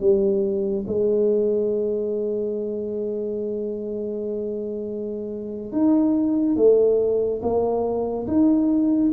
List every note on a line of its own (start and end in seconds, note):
0.00 0.85 G3
0.87 5.72 G#3
5.72 6.56 D#4
6.56 7.41 A3
7.42 8.27 A#3
8.27 9.12 D#4